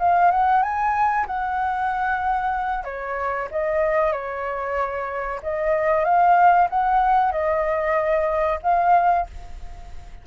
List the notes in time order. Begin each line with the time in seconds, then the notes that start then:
0.00 F5
0.32 F#5
0.63 G#5
1.27 F#5
2.85 C#5
3.51 D#5
4.13 C#5
5.43 D#5
6.05 F5
6.71 F#5
7.32 D#5
8.63 F5